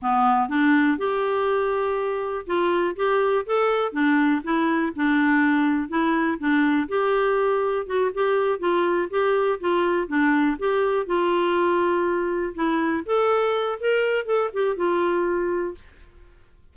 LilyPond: \new Staff \with { instrumentName = "clarinet" } { \time 4/4 \tempo 4 = 122 b4 d'4 g'2~ | g'4 f'4 g'4 a'4 | d'4 e'4 d'2 | e'4 d'4 g'2 |
fis'8 g'4 f'4 g'4 f'8~ | f'8 d'4 g'4 f'4.~ | f'4. e'4 a'4. | ais'4 a'8 g'8 f'2 | }